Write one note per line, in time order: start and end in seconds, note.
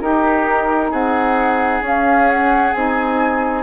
0.00 0.91 D#4
0.00 1.82 D#4
0.00 0.90 G4
0.00 0.91 A#4
0.90 1.81 C4
0.90 3.62 G#4
0.90 1.83 F#5
1.81 2.72 C#4
1.81 2.73 C#4
1.81 2.29 F5
2.29 2.73 F#5
2.73 3.62 C4
2.73 3.62 D#4
2.73 3.62 G#5